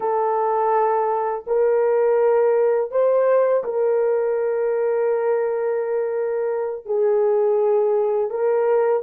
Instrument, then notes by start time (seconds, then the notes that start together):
horn
0.00 A4
1.47 A#4
2.91 C5
3.64 A#4
6.85 G#4
8.30 A#4